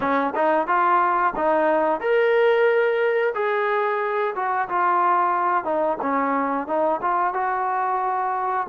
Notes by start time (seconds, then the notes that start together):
0.00 C#4
0.35 D#4
0.67 F4
1.35 D#4
2.00 A#4
3.34 G#4
4.35 F#4
4.68 F4
5.64 D#4
6.01 C#4
6.67 D#4
7.01 F4
7.33 F#4